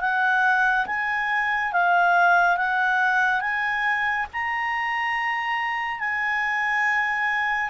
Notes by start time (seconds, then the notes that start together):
0.00 F#5
0.86 G#5
1.72 F5
2.56 F#5
3.40 G#5
4.32 A#5
5.99 G#5